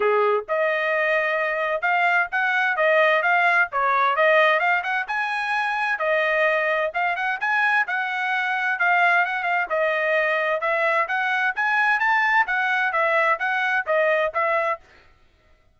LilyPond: \new Staff \with { instrumentName = "trumpet" } { \time 4/4 \tempo 4 = 130 gis'4 dis''2. | f''4 fis''4 dis''4 f''4 | cis''4 dis''4 f''8 fis''8 gis''4~ | gis''4 dis''2 f''8 fis''8 |
gis''4 fis''2 f''4 | fis''8 f''8 dis''2 e''4 | fis''4 gis''4 a''4 fis''4 | e''4 fis''4 dis''4 e''4 | }